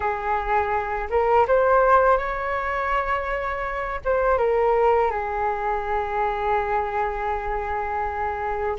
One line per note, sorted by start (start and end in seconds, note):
0.00 1.08 G#4
1.10 1.46 A#4
1.47 2.18 C5
2.18 4.00 C#5
4.04 4.38 C5
4.38 5.10 A#4
5.10 8.76 G#4